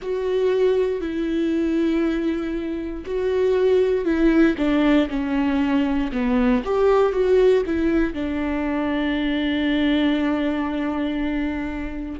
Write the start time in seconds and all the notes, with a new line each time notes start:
0.01 F#4
1.00 E4
3.05 F#4
4.04 E4
4.57 D4
5.09 C#4
6.12 B3
6.64 G4
7.12 F#4
7.65 E4
8.13 D4